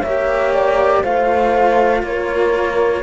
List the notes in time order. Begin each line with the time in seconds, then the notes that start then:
0.00 A#3 G4 C#5 E5
0.54 D5
1.02 A3 F4 C5 F5
2.03 A#3 A#4 C#5